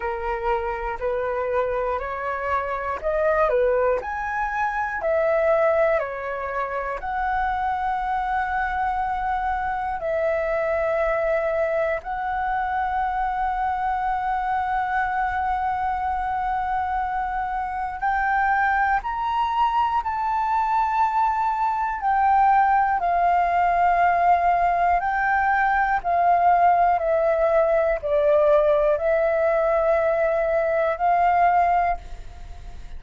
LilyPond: \new Staff \with { instrumentName = "flute" } { \time 4/4 \tempo 4 = 60 ais'4 b'4 cis''4 dis''8 b'8 | gis''4 e''4 cis''4 fis''4~ | fis''2 e''2 | fis''1~ |
fis''2 g''4 ais''4 | a''2 g''4 f''4~ | f''4 g''4 f''4 e''4 | d''4 e''2 f''4 | }